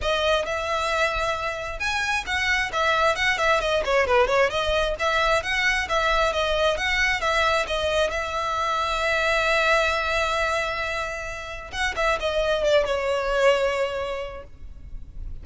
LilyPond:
\new Staff \with { instrumentName = "violin" } { \time 4/4 \tempo 4 = 133 dis''4 e''2. | gis''4 fis''4 e''4 fis''8 e''8 | dis''8 cis''8 b'8 cis''8 dis''4 e''4 | fis''4 e''4 dis''4 fis''4 |
e''4 dis''4 e''2~ | e''1~ | e''2 fis''8 e''8 dis''4 | d''8 cis''2.~ cis''8 | }